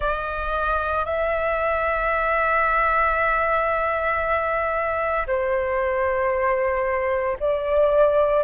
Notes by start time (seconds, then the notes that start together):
0.00 D#5
1.05 E5
5.26 C5
7.39 D5